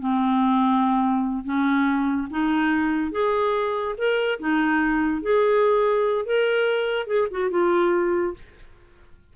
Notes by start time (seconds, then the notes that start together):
0.00 C4
1.45 C#4
2.31 D#4
3.12 G#4
3.98 A#4
4.40 D#4
5.22 G#4
6.26 A#4
7.07 G#4
7.31 F#4
7.51 F4